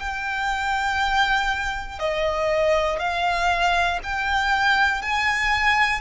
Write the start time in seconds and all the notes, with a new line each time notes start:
0.00 G5
2.00 D#5
3.00 F5
4.04 G5
5.02 G#5